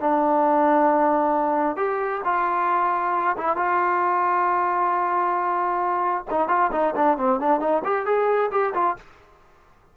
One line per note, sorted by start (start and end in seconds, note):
0.00 1.76 D4
1.76 2.21 G4
2.24 3.36 F4
3.37 3.56 E4
3.56 6.25 F4
6.30 6.48 D#4
6.48 6.71 F4
6.72 6.94 D#4
6.95 7.18 D4
7.18 7.40 C4
7.40 7.60 D4
7.60 7.82 D#4
7.84 8.06 G4
8.06 8.50 G#4
8.51 8.74 G4
8.74 8.96 F4